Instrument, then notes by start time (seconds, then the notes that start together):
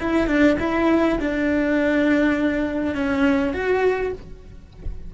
cello
0.00 E4
0.27 D4
0.60 E4
1.20 D4
2.95 C#4
3.53 F#4